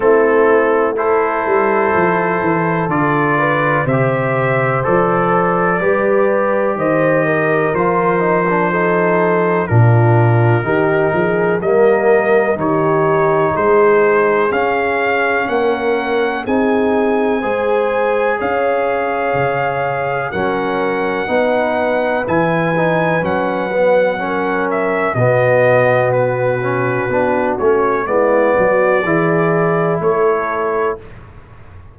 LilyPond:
<<
  \new Staff \with { instrumentName = "trumpet" } { \time 4/4 \tempo 4 = 62 a'4 c''2 d''4 | e''4 d''2 dis''4 | c''2 ais'2 | dis''4 cis''4 c''4 f''4 |
fis''4 gis''2 f''4~ | f''4 fis''2 gis''4 | fis''4. e''8 dis''4 b'4~ | b'8 cis''8 d''2 cis''4 | }
  \new Staff \with { instrumentName = "horn" } { \time 4/4 e'4 a'2~ a'8 b'8 | c''2 b'4 c''8 ais'8~ | ais'4 a'4 f'4 g'8 gis'8 | ais'4 g'4 gis'2 |
ais'4 gis'4 c''4 cis''4~ | cis''4 ais'4 b'2~ | b'4 ais'4 fis'2~ | fis'4 e'8 fis'8 gis'4 a'4 | }
  \new Staff \with { instrumentName = "trombone" } { \time 4/4 c'4 e'2 f'4 | g'4 a'4 g'2 | f'8 dis'16 d'16 dis'4 d'4 dis'4 | ais4 dis'2 cis'4~ |
cis'4 dis'4 gis'2~ | gis'4 cis'4 dis'4 e'8 dis'8 | cis'8 b8 cis'4 b4. cis'8 | d'8 cis'8 b4 e'2 | }
  \new Staff \with { instrumentName = "tuba" } { \time 4/4 a4. g8 f8 e8 d4 | c4 f4 g4 dis4 | f2 ais,4 dis8 f8 | g4 dis4 gis4 cis'4 |
ais4 c'4 gis4 cis'4 | cis4 fis4 b4 e4 | fis2 b,2 | b8 a8 gis8 fis8 e4 a4 | }
>>